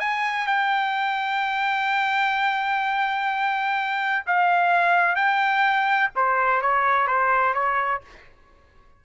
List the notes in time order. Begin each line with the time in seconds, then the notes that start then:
0.00 G#5
0.47 G5
4.27 F5
5.16 G5
6.16 C5
6.62 C#5
7.08 C5
7.54 C#5